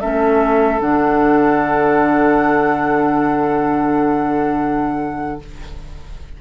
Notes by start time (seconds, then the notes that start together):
0.00 A3 C#4 A4 E5
0.80 D3 D4 F#5